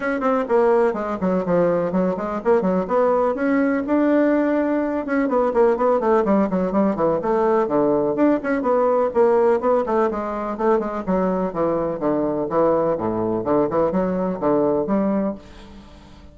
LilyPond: \new Staff \with { instrumentName = "bassoon" } { \time 4/4 \tempo 4 = 125 cis'8 c'8 ais4 gis8 fis8 f4 | fis8 gis8 ais8 fis8 b4 cis'4 | d'2~ d'8 cis'8 b8 ais8 | b8 a8 g8 fis8 g8 e8 a4 |
d4 d'8 cis'8 b4 ais4 | b8 a8 gis4 a8 gis8 fis4 | e4 d4 e4 a,4 | d8 e8 fis4 d4 g4 | }